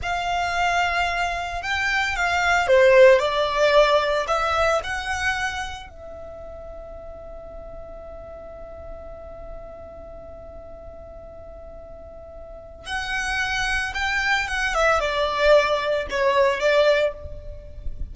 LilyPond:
\new Staff \with { instrumentName = "violin" } { \time 4/4 \tempo 4 = 112 f''2. g''4 | f''4 c''4 d''2 | e''4 fis''2 e''4~ | e''1~ |
e''1~ | e''1 | fis''2 g''4 fis''8 e''8 | d''2 cis''4 d''4 | }